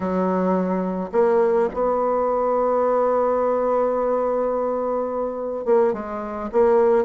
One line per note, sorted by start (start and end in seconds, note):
0.00 1.10 F#3
1.12 1.68 A#3
1.73 5.65 B3
5.65 5.93 A#3
5.93 6.49 G#3
6.51 7.04 A#3